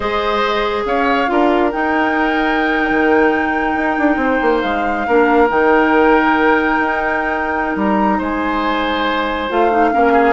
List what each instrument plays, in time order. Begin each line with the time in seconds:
0.00 bassoon G#3, clarinet G#4, oboe C5, flute D#5
0.85 bassoon C#4, oboe C#5, flute F5
1.27 bassoon D4, clarinet F4, oboe A#4
1.71 clarinet D#4, bassoon D#4, flute G5
2.90 bassoon D#3
3.74 bassoon D#4
3.98 bassoon D4
4.16 bassoon C4, oboe C5
4.41 bassoon A#3
4.61 bassoon G#3, flute F5
5.07 bassoon A#3, clarinet D4, oboe A#4
5.48 bassoon D#3, clarinet D#4, flute G5
6.78 bassoon D#4
7.76 bassoon G3, flute A#5
8.18 bassoon G#3, oboe C5, flute G#5
9.49 bassoon A3, clarinet F4, flute F5
9.71 clarinet D#4
9.91 bassoon A#3, clarinet C#4, oboe A#4
10.12 oboe G#4